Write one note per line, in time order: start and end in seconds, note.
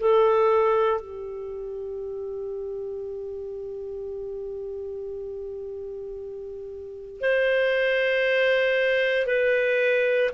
0.00 1.01 A4
1.01 7.21 G4
7.21 9.27 C5
9.27 10.30 B4